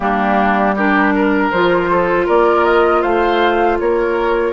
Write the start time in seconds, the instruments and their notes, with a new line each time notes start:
0.00 bassoon G3, clarinet A#3, oboe D4, flute G4
0.75 clarinet D4, oboe G4, flute A#4
1.15 oboe A#4
1.50 bassoon F3, clarinet F4, flute C5
1.90 oboe A4
2.25 bassoon A#3, oboe A#4, flute D5
2.63 flute D#5
3.01 bassoon A3, oboe C5, flute F5
3.79 bassoon A#3, oboe A#4, flute C#5